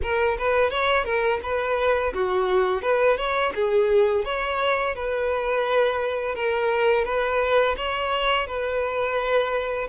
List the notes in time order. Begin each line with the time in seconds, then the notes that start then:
0.02 A#4
0.38 B4
0.70 C#5
1.04 A#4
1.42 B4
2.13 F#4
2.81 B4
3.17 C#5
3.55 G#4
4.24 C#5
4.95 B4
6.35 A#4
7.05 B4
7.76 C#5
8.46 B4